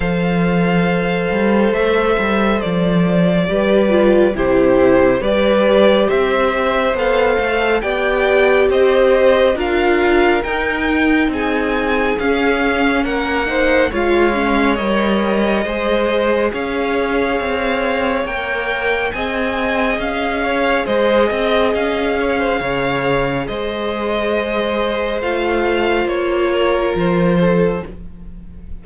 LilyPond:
<<
  \new Staff \with { instrumentName = "violin" } { \time 4/4 \tempo 4 = 69 f''2 e''4 d''4~ | d''4 c''4 d''4 e''4 | f''4 g''4 dis''4 f''4 | g''4 gis''4 f''4 fis''4 |
f''4 dis''2 f''4~ | f''4 g''4 gis''4 f''4 | dis''4 f''2 dis''4~ | dis''4 f''4 cis''4 c''4 | }
  \new Staff \with { instrumentName = "violin" } { \time 4/4 c''1 | b'4 g'4 b'4 c''4~ | c''4 d''4 c''4 ais'4~ | ais'4 gis'2 ais'8 c''8 |
cis''2 c''4 cis''4~ | cis''2 dis''4. cis''8 | c''8 dis''4 cis''16 c''16 cis''4 c''4~ | c''2~ c''8 ais'4 a'8 | }
  \new Staff \with { instrumentName = "viola" } { \time 4/4 a'1 | g'8 f'8 e'4 g'2 | a'4 g'2 f'4 | dis'2 cis'4. dis'8 |
f'8 cis'8 ais'4 gis'2~ | gis'4 ais'4 gis'2~ | gis'1~ | gis'4 f'2. | }
  \new Staff \with { instrumentName = "cello" } { \time 4/4 f4. g8 a8 g8 f4 | g4 c4 g4 c'4 | b8 a8 b4 c'4 d'4 | dis'4 c'4 cis'4 ais4 |
gis4 g4 gis4 cis'4 | c'4 ais4 c'4 cis'4 | gis8 c'8 cis'4 cis4 gis4~ | gis4 a4 ais4 f4 | }
>>